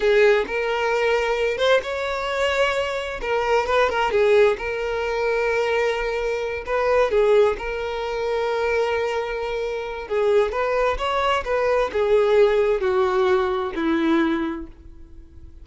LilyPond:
\new Staff \with { instrumentName = "violin" } { \time 4/4 \tempo 4 = 131 gis'4 ais'2~ ais'8 c''8 | cis''2. ais'4 | b'8 ais'8 gis'4 ais'2~ | ais'2~ ais'8 b'4 gis'8~ |
gis'8 ais'2.~ ais'8~ | ais'2 gis'4 b'4 | cis''4 b'4 gis'2 | fis'2 e'2 | }